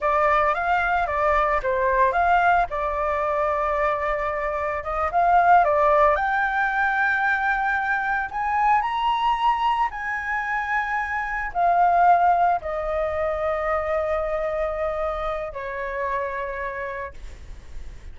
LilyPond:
\new Staff \with { instrumentName = "flute" } { \time 4/4 \tempo 4 = 112 d''4 f''4 d''4 c''4 | f''4 d''2.~ | d''4 dis''8 f''4 d''4 g''8~ | g''2.~ g''8 gis''8~ |
gis''8 ais''2 gis''4.~ | gis''4. f''2 dis''8~ | dis''1~ | dis''4 cis''2. | }